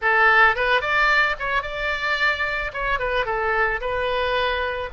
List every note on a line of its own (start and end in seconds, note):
0.01 0.55 A4
0.55 0.81 B4
0.81 1.35 D5
1.39 1.62 C#5
1.62 2.71 D5
2.73 2.99 C#5
2.99 3.25 B4
3.25 3.80 A4
3.80 4.89 B4